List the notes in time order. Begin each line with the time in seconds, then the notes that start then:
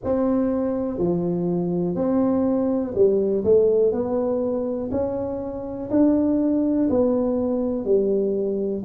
0.04 C4
0.98 F3
1.94 C4
2.94 G3
3.44 A3
3.92 B3
4.91 C#4
5.90 D4
6.89 B3
7.84 G3